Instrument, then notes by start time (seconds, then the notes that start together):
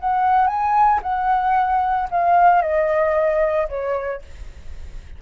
flute
0.00 F#5
0.47 G#5
1.03 F#5
2.11 F5
2.62 D#5
3.69 C#5